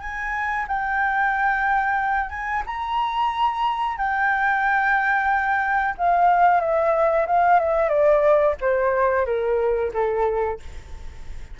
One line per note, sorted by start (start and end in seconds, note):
0.00 0.66 G#5
0.67 2.30 G5
2.30 2.63 G#5
2.66 3.97 A#5
3.97 5.95 G5
5.98 6.61 F5
6.61 7.26 E5
7.27 7.60 F5
7.60 7.89 E5
7.89 8.55 D5
8.61 9.26 C5
9.26 9.92 A#4
9.94 10.60 A4